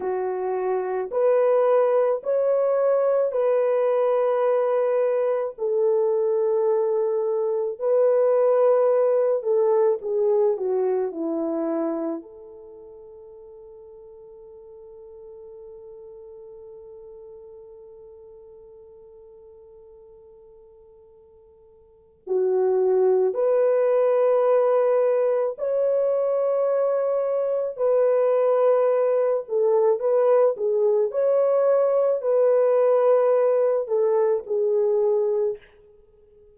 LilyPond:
\new Staff \with { instrumentName = "horn" } { \time 4/4 \tempo 4 = 54 fis'4 b'4 cis''4 b'4~ | b'4 a'2 b'4~ | b'8 a'8 gis'8 fis'8 e'4 a'4~ | a'1~ |
a'1 | fis'4 b'2 cis''4~ | cis''4 b'4. a'8 b'8 gis'8 | cis''4 b'4. a'8 gis'4 | }